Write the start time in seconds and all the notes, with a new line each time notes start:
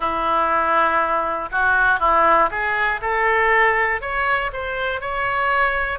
0.00 E4
1.51 F#4
1.99 E4
2.50 G#4
3.01 A4
4.01 C#5
4.52 C5
5.00 C#5